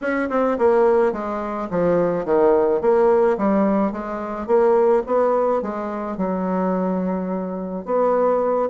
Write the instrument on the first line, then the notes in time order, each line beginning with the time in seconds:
bassoon
0.01 C#4
0.29 C4
0.58 A#3
1.12 G#3
1.70 F3
2.25 D#3
2.81 A#3
3.37 G3
3.92 G#3
4.47 A#3
5.06 B3
5.62 G#3
6.17 F#3
7.85 B3